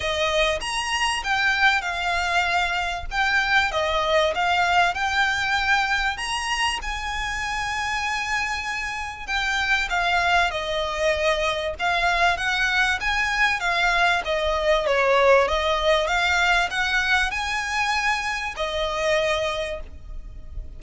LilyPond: \new Staff \with { instrumentName = "violin" } { \time 4/4 \tempo 4 = 97 dis''4 ais''4 g''4 f''4~ | f''4 g''4 dis''4 f''4 | g''2 ais''4 gis''4~ | gis''2. g''4 |
f''4 dis''2 f''4 | fis''4 gis''4 f''4 dis''4 | cis''4 dis''4 f''4 fis''4 | gis''2 dis''2 | }